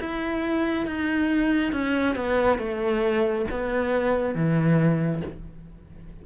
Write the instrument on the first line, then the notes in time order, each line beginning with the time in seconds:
cello
0.00 E4
0.87 D#4
1.73 C#4
2.16 B3
2.59 A3
3.51 B3
4.35 E3